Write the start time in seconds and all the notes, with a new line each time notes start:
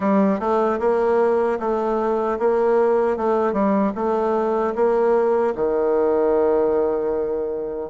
0.00 G3
0.39 A3
0.79 A#3
1.59 A3
2.39 A#3
3.16 A3
3.52 G3
3.95 A3
4.75 A#3
5.55 D#3